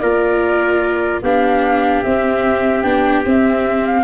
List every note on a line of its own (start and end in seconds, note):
0.00 1.21 A#3
0.00 1.23 F4
0.00 1.23 A#4
0.00 1.21 D5
1.22 2.03 B3
1.22 2.05 D4
1.22 4.04 G4
1.22 2.03 F5
2.03 2.84 C4
2.03 2.82 E5
2.82 3.25 B3
2.82 3.24 D4
2.82 3.23 G5
3.25 4.04 C4
3.25 3.86 E5
3.86 4.04 F5